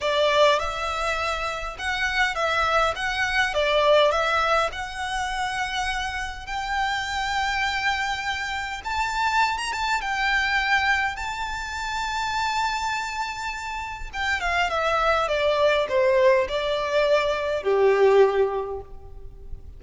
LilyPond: \new Staff \with { instrumentName = "violin" } { \time 4/4 \tempo 4 = 102 d''4 e''2 fis''4 | e''4 fis''4 d''4 e''4 | fis''2. g''4~ | g''2. a''4~ |
a''16 ais''16 a''8 g''2 a''4~ | a''1 | g''8 f''8 e''4 d''4 c''4 | d''2 g'2 | }